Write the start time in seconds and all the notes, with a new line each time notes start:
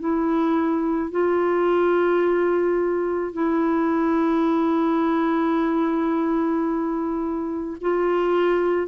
0.00 E4
1.11 F4
3.33 E4
7.81 F4